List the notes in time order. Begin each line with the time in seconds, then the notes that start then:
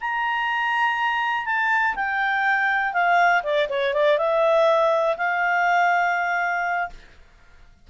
0.00 A#5
1.45 A5
1.95 G5
2.93 F5
3.43 D5
3.69 C#5
3.93 D5
4.18 E5
5.17 F5